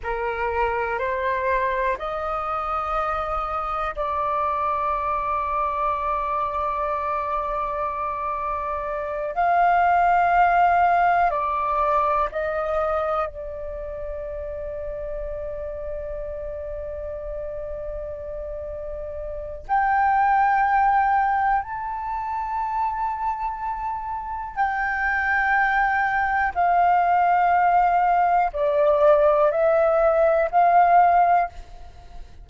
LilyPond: \new Staff \with { instrumentName = "flute" } { \time 4/4 \tempo 4 = 61 ais'4 c''4 dis''2 | d''1~ | d''4. f''2 d''8~ | d''8 dis''4 d''2~ d''8~ |
d''1 | g''2 a''2~ | a''4 g''2 f''4~ | f''4 d''4 e''4 f''4 | }